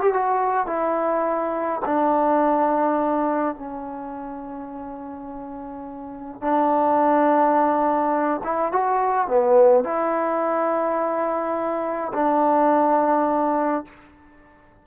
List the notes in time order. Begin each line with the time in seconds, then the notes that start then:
0.00 G4
0.14 F#4
0.67 E4
1.85 D4
3.56 C#4
6.41 D4
8.44 E4
8.72 F#4
9.28 B3
9.84 E4
12.14 D4